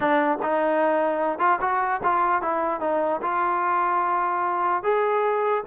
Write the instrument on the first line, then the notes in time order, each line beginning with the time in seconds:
trombone
0.00 D4
0.42 D#4
1.39 F4
1.60 F#4
2.03 F4
2.42 E4
2.80 D#4
3.22 F4
4.83 G#4